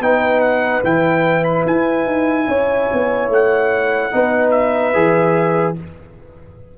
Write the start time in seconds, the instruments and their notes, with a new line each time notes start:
0.00 tuba B3, trombone D#4, horn B4, trumpet G5
0.41 trumpet F#5
0.84 tuba E3, trombone E4, trumpet G5
1.45 trumpet B5
1.67 tuba E4, trumpet G#5
2.06 tuba D#4
2.48 tuba C#4, horn C#5
2.93 tuba B3
3.29 tuba A3, trumpet F#5
4.13 tuba B3, trombone D#4, horn B4
4.51 trumpet E5
4.94 tuba E3, trombone G#4